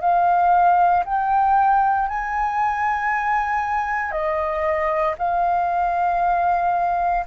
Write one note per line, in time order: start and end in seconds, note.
0.00 1.03 F5
1.04 2.08 G5
2.08 4.11 G#5
4.11 5.14 D#5
5.18 7.25 F5